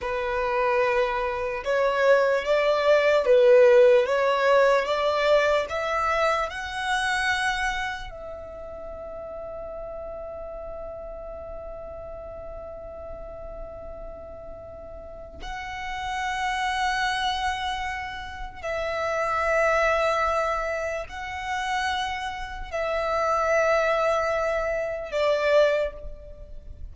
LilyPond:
\new Staff \with { instrumentName = "violin" } { \time 4/4 \tempo 4 = 74 b'2 cis''4 d''4 | b'4 cis''4 d''4 e''4 | fis''2 e''2~ | e''1~ |
e''2. fis''4~ | fis''2. e''4~ | e''2 fis''2 | e''2. d''4 | }